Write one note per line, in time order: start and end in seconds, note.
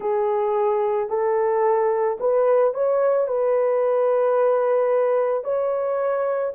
0.00 1.09 G#4
1.09 2.18 A4
2.20 2.74 B4
2.74 3.27 C#5
3.27 5.43 B4
5.43 6.53 C#5